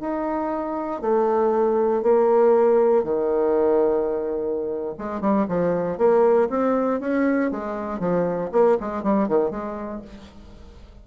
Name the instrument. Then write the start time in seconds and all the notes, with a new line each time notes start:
bassoon
0.00 D#4
1.01 A3
2.02 A#3
3.04 D#3
4.98 G#3
5.20 G3
5.48 F3
5.97 A#3
6.49 C4
7.00 C#4
7.51 G#3
7.99 F3
8.52 A#3
8.80 G#3
9.03 G3
9.28 D#3
9.50 G#3